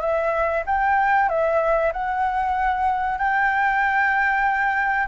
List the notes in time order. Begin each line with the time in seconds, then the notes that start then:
0.00 E5
0.66 G5
1.29 E5
1.92 F#5
3.18 G5